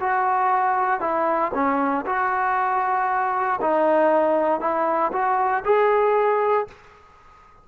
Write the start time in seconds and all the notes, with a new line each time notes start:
0.00 F#4
1.00 E4
1.54 C#4
2.06 F#4
3.61 D#4
4.60 E4
5.13 F#4
5.65 G#4